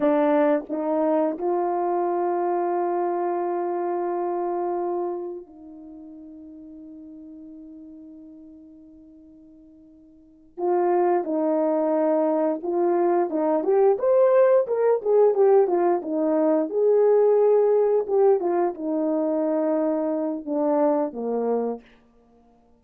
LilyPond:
\new Staff \with { instrumentName = "horn" } { \time 4/4 \tempo 4 = 88 d'4 dis'4 f'2~ | f'1 | dis'1~ | dis'2.~ dis'8 f'8~ |
f'8 dis'2 f'4 dis'8 | g'8 c''4 ais'8 gis'8 g'8 f'8 dis'8~ | dis'8 gis'2 g'8 f'8 dis'8~ | dis'2 d'4 ais4 | }